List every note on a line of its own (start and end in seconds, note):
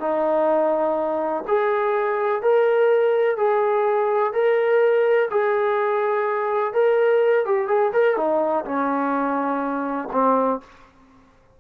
0.00 1.44 D#4
1.48 2.43 G#4
2.43 3.37 A#4
3.37 4.33 G#4
4.34 5.30 A#4
5.31 6.74 G#4
6.74 7.46 A#4
7.46 7.68 G4
7.68 7.92 G#4
7.94 8.17 A#4
8.17 8.65 D#4
8.65 10.09 C#4
10.13 10.61 C4